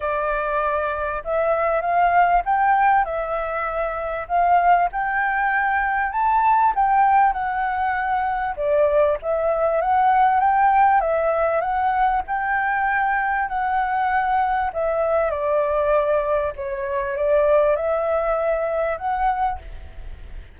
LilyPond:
\new Staff \with { instrumentName = "flute" } { \time 4/4 \tempo 4 = 98 d''2 e''4 f''4 | g''4 e''2 f''4 | g''2 a''4 g''4 | fis''2 d''4 e''4 |
fis''4 g''4 e''4 fis''4 | g''2 fis''2 | e''4 d''2 cis''4 | d''4 e''2 fis''4 | }